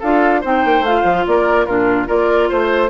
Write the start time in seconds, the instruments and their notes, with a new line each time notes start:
0.00 bassoon D4, clarinet F4, oboe A4, flute F5
0.41 bassoon C4, clarinet D#4, oboe C5, flute G5
0.65 bassoon A#3
0.81 bassoon A3, flute F5
0.87 clarinet F4
1.04 bassoon F3
1.27 bassoon A#3, oboe A#4, flute D5
1.66 bassoon A#2, clarinet D4, oboe F4, flute A#4
2.07 bassoon A#3, clarinet F4, oboe A#4, flute D5
2.49 bassoon A3, oboe C5, flute C5